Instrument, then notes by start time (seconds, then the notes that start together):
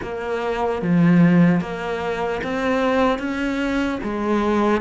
cello
0.02 A#3
0.82 F3
1.60 A#3
2.43 C4
3.19 C#4
4.03 G#3